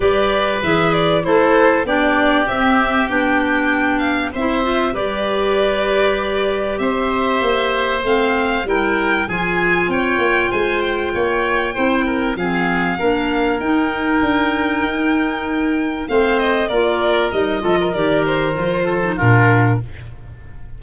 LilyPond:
<<
  \new Staff \with { instrumentName = "violin" } { \time 4/4 \tempo 4 = 97 d''4 e''8 d''8 c''4 d''4 | e''4 g''4. f''8 e''4 | d''2. e''4~ | e''4 f''4 g''4 gis''4 |
g''4 gis''8 g''2~ g''8 | f''2 g''2~ | g''2 f''8 dis''8 d''4 | dis''4 d''8 c''4. ais'4 | }
  \new Staff \with { instrumentName = "oboe" } { \time 4/4 b'2 a'4 g'4~ | g'2. c''4 | b'2. c''4~ | c''2 ais'4 gis'4 |
cis''4 c''4 cis''4 c''8 ais'8 | gis'4 ais'2.~ | ais'2 c''4 ais'4~ | ais'8 a'16 ais'4.~ ais'16 a'8 f'4 | }
  \new Staff \with { instrumentName = "clarinet" } { \time 4/4 g'4 gis'4 e'4 d'4 | c'4 d'2 e'8 f'8 | g'1~ | g'4 c'4 e'4 f'4~ |
f'2. e'4 | c'4 d'4 dis'2~ | dis'2 c'4 f'4 | dis'8 f'8 g'4 f'8. dis'16 d'4 | }
  \new Staff \with { instrumentName = "tuba" } { \time 4/4 g4 e4 a4 b4 | c'4 b2 c'4 | g2. c'4 | ais4 a4 g4 f4 |
c'8 ais8 gis4 ais4 c'4 | f4 ais4 dis'4 d'4 | dis'2 a4 ais4 | g8 f8 dis4 f4 ais,4 | }
>>